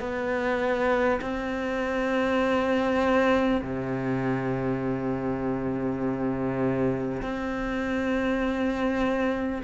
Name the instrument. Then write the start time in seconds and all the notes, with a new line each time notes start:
cello
0.00 B3
1.22 C4
3.62 C3
7.23 C4